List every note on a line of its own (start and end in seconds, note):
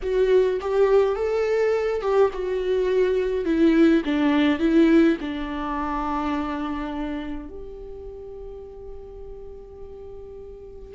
0.02 0.60 F#4
0.60 1.15 G4
1.15 2.01 A4
2.01 2.30 G4
2.33 3.45 F#4
3.45 4.02 E4
4.04 4.59 D4
4.59 5.16 E4
5.21 7.49 D4
7.49 10.95 G4